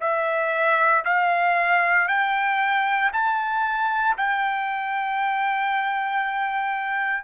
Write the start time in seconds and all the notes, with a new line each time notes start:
0.00 E5
1.04 F5
2.07 G5
3.12 A5
4.17 G5